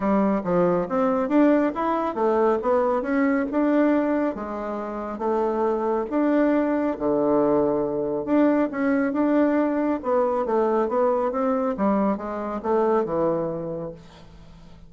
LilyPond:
\new Staff \with { instrumentName = "bassoon" } { \time 4/4 \tempo 4 = 138 g4 f4 c'4 d'4 | e'4 a4 b4 cis'4 | d'2 gis2 | a2 d'2 |
d2. d'4 | cis'4 d'2 b4 | a4 b4 c'4 g4 | gis4 a4 e2 | }